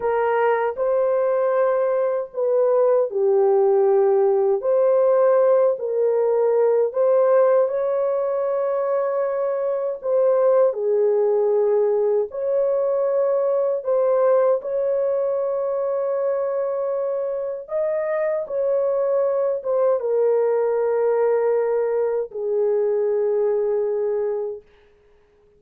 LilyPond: \new Staff \with { instrumentName = "horn" } { \time 4/4 \tempo 4 = 78 ais'4 c''2 b'4 | g'2 c''4. ais'8~ | ais'4 c''4 cis''2~ | cis''4 c''4 gis'2 |
cis''2 c''4 cis''4~ | cis''2. dis''4 | cis''4. c''8 ais'2~ | ais'4 gis'2. | }